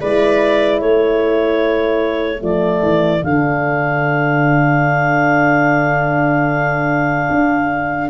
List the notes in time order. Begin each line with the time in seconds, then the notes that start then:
0.00 G#3 E4 B4 D5
0.79 A3 A4 C#5
2.39 F3 A3 D5
2.82 E3
3.23 D3 D4 F5
7.30 D4